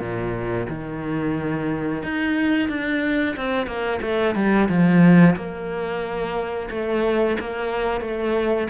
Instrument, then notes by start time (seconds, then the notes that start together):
cello
0.00 A#2
0.69 D#3
2.03 D#4
2.69 D4
3.36 C4
3.66 A#3
4.02 A3
4.35 G3
4.68 F3
5.35 A#3
6.70 A3
7.40 A#3
8.01 A3